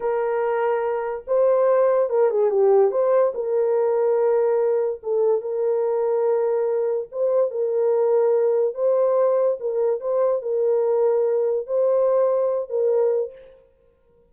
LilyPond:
\new Staff \with { instrumentName = "horn" } { \time 4/4 \tempo 4 = 144 ais'2. c''4~ | c''4 ais'8 gis'8 g'4 c''4 | ais'1 | a'4 ais'2.~ |
ais'4 c''4 ais'2~ | ais'4 c''2 ais'4 | c''4 ais'2. | c''2~ c''8 ais'4. | }